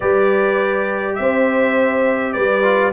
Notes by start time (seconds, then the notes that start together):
0.00 G3 G4 B4 D5
1.15 C4 C5 E5
2.32 G3 B4 D5
2.62 F4